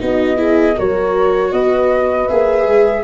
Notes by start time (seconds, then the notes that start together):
0.00 B3 D#4 F#4 D#5
0.37 E4 G#4
0.76 F#3 F#4 A#4 C#5
1.52 B3 B4 D#5
2.28 A#3 G#4 E5
2.66 G#3